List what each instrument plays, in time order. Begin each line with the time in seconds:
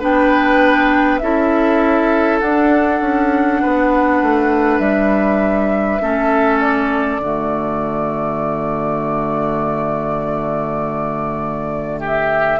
0.00 bassoon B3, clarinet D4, oboe B4, flute G5
1.19 bassoon C#4, clarinet E4, oboe A4, flute E5
2.40 bassoon D4, clarinet D4, flute F#5
3.01 bassoon C#4
3.62 bassoon B3, oboe B4
4.22 bassoon A3
4.79 bassoon G3, flute E5
6.01 bassoon A3, clarinet C#4, oboe A4
6.60 flute D5
7.19 bassoon D3, clarinet A3, oboe F#4
11.99 oboe G4
12.05 flute E5